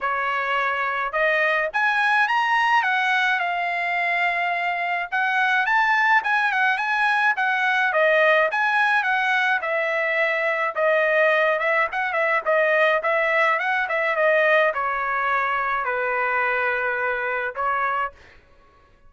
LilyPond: \new Staff \with { instrumentName = "trumpet" } { \time 4/4 \tempo 4 = 106 cis''2 dis''4 gis''4 | ais''4 fis''4 f''2~ | f''4 fis''4 a''4 gis''8 fis''8 | gis''4 fis''4 dis''4 gis''4 |
fis''4 e''2 dis''4~ | dis''8 e''8 fis''8 e''8 dis''4 e''4 | fis''8 e''8 dis''4 cis''2 | b'2. cis''4 | }